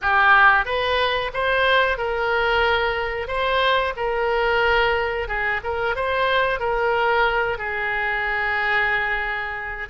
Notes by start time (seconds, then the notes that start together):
0.01 G4
0.65 B4
1.33 C5
1.98 A#4
3.27 C5
3.96 A#4
5.27 G#4
5.63 A#4
5.95 C5
6.59 A#4
7.58 G#4